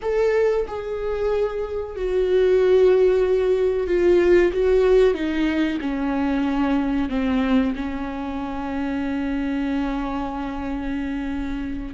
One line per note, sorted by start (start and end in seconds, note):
0.01 0.66 A4
0.67 1.96 G#4
1.96 3.87 F#4
3.87 4.51 F4
4.52 5.13 F#4
5.13 5.78 D#4
5.81 7.09 C#4
7.09 7.73 C4
7.75 11.94 C#4